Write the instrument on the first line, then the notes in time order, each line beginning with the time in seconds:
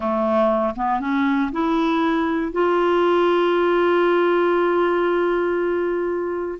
clarinet
0.00 A3
0.75 B3
1.00 C#4
1.52 E4
2.52 F4